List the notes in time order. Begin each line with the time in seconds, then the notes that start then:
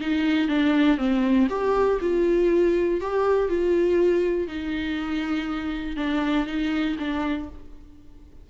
0.00 D#4
0.48 D4
0.97 C4
1.49 G4
2.00 F4
3.00 G4
3.49 F4
4.47 D#4
5.96 D4
6.46 D#4
6.99 D4